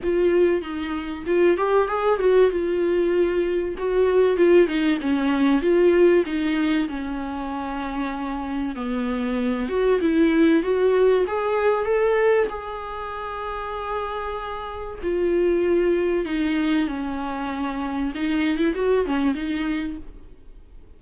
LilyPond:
\new Staff \with { instrumentName = "viola" } { \time 4/4 \tempo 4 = 96 f'4 dis'4 f'8 g'8 gis'8 fis'8 | f'2 fis'4 f'8 dis'8 | cis'4 f'4 dis'4 cis'4~ | cis'2 b4. fis'8 |
e'4 fis'4 gis'4 a'4 | gis'1 | f'2 dis'4 cis'4~ | cis'4 dis'8. e'16 fis'8 cis'8 dis'4 | }